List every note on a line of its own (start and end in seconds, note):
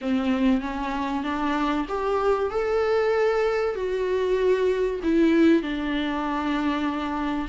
0.01 0.61 C4
0.61 1.23 C#4
1.23 1.86 D4
1.88 2.50 G4
2.50 3.75 A4
3.75 5.00 F#4
5.03 5.62 E4
5.62 7.48 D4